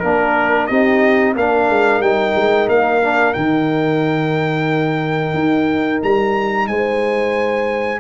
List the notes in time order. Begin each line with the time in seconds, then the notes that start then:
0.00 A#3 D4 A#4
0.67 C4 D#4 G4 D#5
1.36 A#3 D4 A#4 F5
1.69 G#3
2.01 G3 D#4 G5
2.36 G#3
2.68 A#3 F5
3.03 D4
3.34 D#3 D#4 G5
5.34 D#4
6.03 G3 A#5
6.68 G#3 C5 G#5